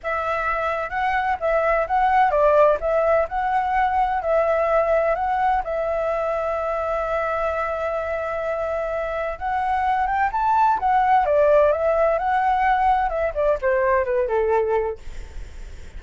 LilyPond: \new Staff \with { instrumentName = "flute" } { \time 4/4 \tempo 4 = 128 e''2 fis''4 e''4 | fis''4 d''4 e''4 fis''4~ | fis''4 e''2 fis''4 | e''1~ |
e''1 | fis''4. g''8 a''4 fis''4 | d''4 e''4 fis''2 | e''8 d''8 c''4 b'8 a'4. | }